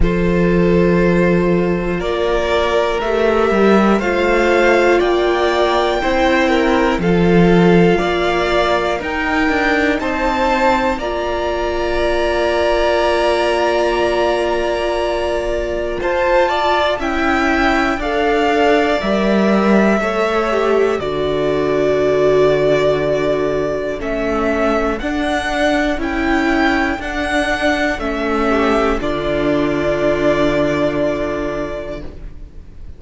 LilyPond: <<
  \new Staff \with { instrumentName = "violin" } { \time 4/4 \tempo 4 = 60 c''2 d''4 e''4 | f''4 g''2 f''4~ | f''4 g''4 a''4 ais''4~ | ais''1 |
a''4 g''4 f''4 e''4~ | e''4 d''2. | e''4 fis''4 g''4 fis''4 | e''4 d''2. | }
  \new Staff \with { instrumentName = "violin" } { \time 4/4 a'2 ais'2 | c''4 d''4 c''8 ais'8 a'4 | d''4 ais'4 c''4 d''4~ | d''1 |
c''8 d''8 e''4 d''2 | cis''4 a'2.~ | a'1~ | a'8 g'8 f'2. | }
  \new Staff \with { instrumentName = "viola" } { \time 4/4 f'2. g'4 | f'2 e'4 f'4~ | f'4 dis'2 f'4~ | f'1~ |
f'4 e'4 a'4 ais'4 | a'8 g'8 fis'2. | cis'4 d'4 e'4 d'4 | cis'4 d'2. | }
  \new Staff \with { instrumentName = "cello" } { \time 4/4 f2 ais4 a8 g8 | a4 ais4 c'4 f4 | ais4 dis'8 d'8 c'4 ais4~ | ais1 |
f'4 cis'4 d'4 g4 | a4 d2. | a4 d'4 cis'4 d'4 | a4 d2. | }
>>